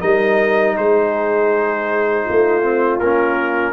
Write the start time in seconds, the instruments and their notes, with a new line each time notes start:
0.00 tuba G3, trombone D#4, horn A#4, trumpet D#5
0.76 tuba G#3, horn G#4, trumpet C5
2.25 tuba A3, horn F4
2.62 trombone C4
2.99 tuba A#3, trombone C#4, trumpet A#4